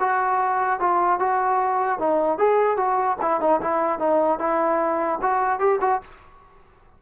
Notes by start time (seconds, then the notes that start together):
0.00 F#4
0.80 F4
1.19 F#4
1.99 D#4
2.39 G#4
2.77 F#4
3.21 E4
3.41 D#4
3.61 E4
3.99 D#4
4.39 E4
5.22 F#4
5.60 G4
5.81 F#4